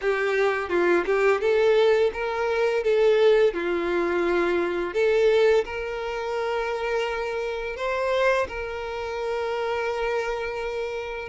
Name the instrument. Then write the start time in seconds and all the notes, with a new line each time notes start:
violin
0.01 G4
0.69 F4
1.05 G4
1.40 A4
2.13 A#4
2.83 A4
3.53 F4
4.93 A4
5.65 A#4
7.76 C5
8.47 A#4